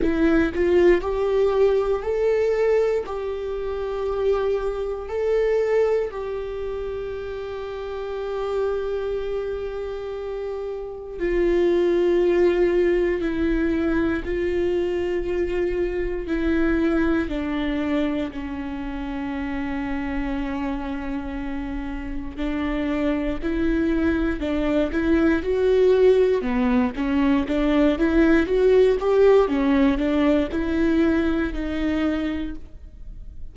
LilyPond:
\new Staff \with { instrumentName = "viola" } { \time 4/4 \tempo 4 = 59 e'8 f'8 g'4 a'4 g'4~ | g'4 a'4 g'2~ | g'2. f'4~ | f'4 e'4 f'2 |
e'4 d'4 cis'2~ | cis'2 d'4 e'4 | d'8 e'8 fis'4 b8 cis'8 d'8 e'8 | fis'8 g'8 cis'8 d'8 e'4 dis'4 | }